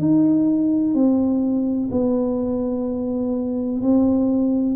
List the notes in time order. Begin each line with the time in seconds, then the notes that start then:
0.00 D#4
0.95 C4
1.92 B3
3.82 C4